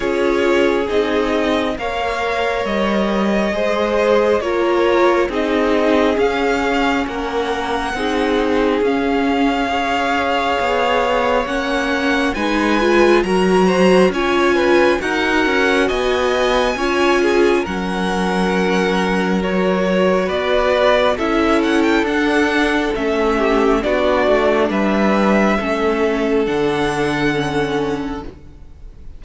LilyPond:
<<
  \new Staff \with { instrumentName = "violin" } { \time 4/4 \tempo 4 = 68 cis''4 dis''4 f''4 dis''4~ | dis''4 cis''4 dis''4 f''4 | fis''2 f''2~ | f''4 fis''4 gis''4 ais''4 |
gis''4 fis''4 gis''2 | fis''2 cis''4 d''4 | e''8 fis''16 g''16 fis''4 e''4 d''4 | e''2 fis''2 | }
  \new Staff \with { instrumentName = "violin" } { \time 4/4 gis'2 cis''2 | c''4 ais'4 gis'2 | ais'4 gis'2 cis''4~ | cis''2 b'4 ais'8 c''8 |
cis''8 b'8 ais'4 dis''4 cis''8 gis'8 | ais'2. b'4 | a'2~ a'8 g'8 fis'4 | b'4 a'2. | }
  \new Staff \with { instrumentName = "viola" } { \time 4/4 f'4 dis'4 ais'2 | gis'4 f'4 dis'4 cis'4~ | cis'4 dis'4 cis'4 gis'4~ | gis'4 cis'4 dis'8 f'8 fis'4 |
f'4 fis'2 f'4 | cis'2 fis'2 | e'4 d'4 cis'4 d'4~ | d'4 cis'4 d'4 cis'4 | }
  \new Staff \with { instrumentName = "cello" } { \time 4/4 cis'4 c'4 ais4 g4 | gis4 ais4 c'4 cis'4 | ais4 c'4 cis'2 | b4 ais4 gis4 fis4 |
cis'4 dis'8 cis'8 b4 cis'4 | fis2. b4 | cis'4 d'4 a4 b8 a8 | g4 a4 d2 | }
>>